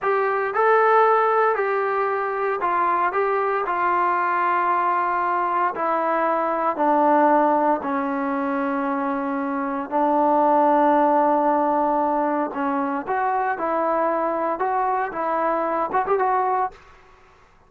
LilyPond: \new Staff \with { instrumentName = "trombone" } { \time 4/4 \tempo 4 = 115 g'4 a'2 g'4~ | g'4 f'4 g'4 f'4~ | f'2. e'4~ | e'4 d'2 cis'4~ |
cis'2. d'4~ | d'1 | cis'4 fis'4 e'2 | fis'4 e'4. fis'16 g'16 fis'4 | }